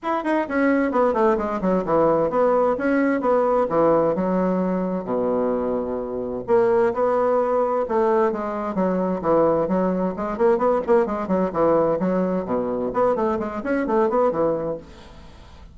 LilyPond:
\new Staff \with { instrumentName = "bassoon" } { \time 4/4 \tempo 4 = 130 e'8 dis'8 cis'4 b8 a8 gis8 fis8 | e4 b4 cis'4 b4 | e4 fis2 b,4~ | b,2 ais4 b4~ |
b4 a4 gis4 fis4 | e4 fis4 gis8 ais8 b8 ais8 | gis8 fis8 e4 fis4 b,4 | b8 a8 gis8 cis'8 a8 b8 e4 | }